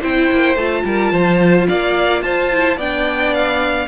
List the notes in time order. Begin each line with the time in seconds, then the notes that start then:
0.00 C4 E4 C5 G5
0.31 A#3
0.55 A3 F4 A5
0.84 G3 A#4
1.12 F3 C5
1.68 A#3 D5 F5
2.22 F4 C5 A5
2.51 E4
2.76 B3 D4 D5 G5
3.33 F5